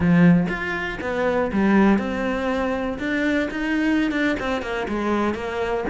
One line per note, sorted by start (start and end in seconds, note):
0.00 0.47 F3
0.48 0.98 F4
1.01 1.51 B3
1.52 1.98 G3
1.98 2.98 C4
2.98 3.48 D4
3.50 4.11 D#4
4.11 4.36 D4
4.39 4.62 C4
4.62 4.87 A#3
4.88 5.34 G#3
5.34 5.84 A#3